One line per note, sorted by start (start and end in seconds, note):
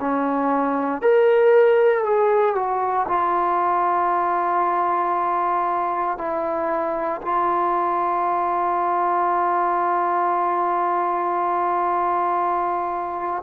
0.00 1.02 C#4
1.02 2.04 A#4
2.04 2.55 G#4
2.55 3.07 F#4
3.08 6.17 F4
6.17 7.21 E4
7.22 13.42 F4